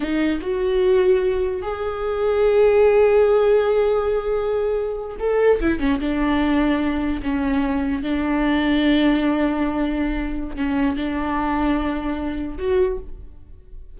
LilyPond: \new Staff \with { instrumentName = "viola" } { \time 4/4 \tempo 4 = 148 dis'4 fis'2. | gis'1~ | gis'1~ | gis'8. a'4 e'8 cis'8 d'4~ d'16~ |
d'4.~ d'16 cis'2 d'16~ | d'1~ | d'2 cis'4 d'4~ | d'2. fis'4 | }